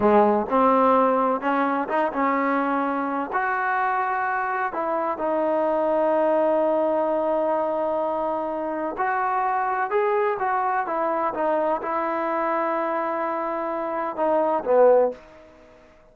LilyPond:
\new Staff \with { instrumentName = "trombone" } { \time 4/4 \tempo 4 = 127 gis4 c'2 cis'4 | dis'8 cis'2~ cis'8 fis'4~ | fis'2 e'4 dis'4~ | dis'1~ |
dis'2. fis'4~ | fis'4 gis'4 fis'4 e'4 | dis'4 e'2.~ | e'2 dis'4 b4 | }